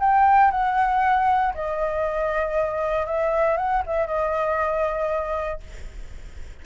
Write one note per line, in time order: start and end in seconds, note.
0.00 0.51 G5
0.51 1.54 F#5
1.55 3.07 D#5
3.07 3.57 E5
3.57 3.83 F#5
3.86 4.07 E5
4.07 5.61 D#5